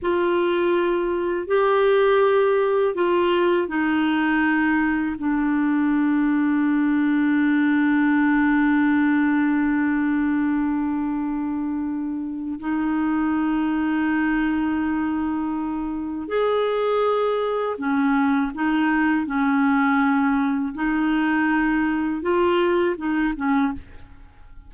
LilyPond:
\new Staff \with { instrumentName = "clarinet" } { \time 4/4 \tempo 4 = 81 f'2 g'2 | f'4 dis'2 d'4~ | d'1~ | d'1~ |
d'4 dis'2.~ | dis'2 gis'2 | cis'4 dis'4 cis'2 | dis'2 f'4 dis'8 cis'8 | }